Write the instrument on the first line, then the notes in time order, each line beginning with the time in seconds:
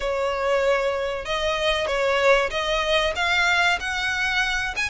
violin
0.00 C#5
1.25 D#5
1.87 C#5
2.50 D#5
3.15 F5
3.80 F#5
4.76 G#5